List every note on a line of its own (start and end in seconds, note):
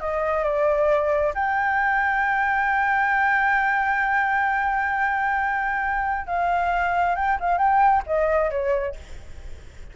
0.00 0.43 D#5
0.43 1.33 D5
1.34 6.27 G5
6.27 7.15 F5
7.15 7.38 G5
7.40 7.58 F5
7.58 8.03 G5
8.06 8.50 D#5
8.50 8.95 C#5